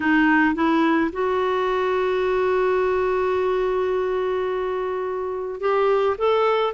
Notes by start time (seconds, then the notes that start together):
0.00 D#4
0.54 E4
1.12 F#4
5.60 G4
6.18 A4